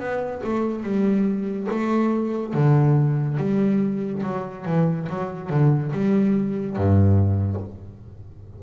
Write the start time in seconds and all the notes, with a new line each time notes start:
0.00 B3
0.44 A3
0.83 G3
1.71 A3
2.54 D3
3.38 G3
4.23 F#3
4.66 E3
5.10 F#3
5.50 D3
5.92 G3
6.76 G2